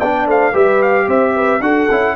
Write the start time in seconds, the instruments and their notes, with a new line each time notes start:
0.00 tuba B3, trombone D4, horn D5, trumpet G5
0.27 tuba A3, horn C5, trumpet F5
0.52 tuba G3, trombone G4, horn B4, trumpet E5
0.83 trumpet F5
1.07 tuba C4, horn C5, trumpet E5
1.35 horn B4
1.61 tuba D4, trombone F#4, horn A4, trumpet F#5
1.91 tuba C#4, trombone E4